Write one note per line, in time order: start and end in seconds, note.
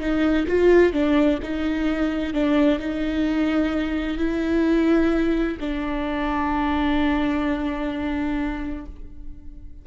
0.00 0.47 D#4
0.48 0.93 F4
0.93 1.39 D4
1.43 2.34 D#4
2.34 2.79 D4
2.79 4.18 D#4
4.18 5.57 E4
5.60 8.86 D4